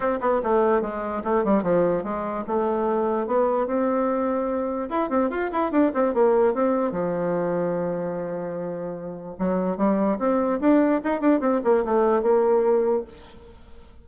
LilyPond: \new Staff \with { instrumentName = "bassoon" } { \time 4/4 \tempo 4 = 147 c'8 b8 a4 gis4 a8 g8 | f4 gis4 a2 | b4 c'2. | e'8 c'8 f'8 e'8 d'8 c'8 ais4 |
c'4 f2.~ | f2. fis4 | g4 c'4 d'4 dis'8 d'8 | c'8 ais8 a4 ais2 | }